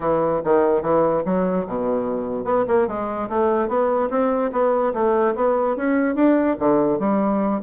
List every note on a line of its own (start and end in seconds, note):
0.00 0.41 E3
0.44 0.81 D#3
0.81 1.23 E3
1.25 1.66 F#3
1.66 2.44 B2
2.44 2.65 B3
2.67 2.87 A#3
2.87 3.28 G#3
3.29 3.68 A3
3.68 4.09 B3
4.10 4.51 C4
4.51 4.93 B3
4.93 5.34 A3
5.35 5.76 B3
5.76 6.15 C#4
6.15 6.56 D4
6.59 6.99 D3
6.99 7.61 G3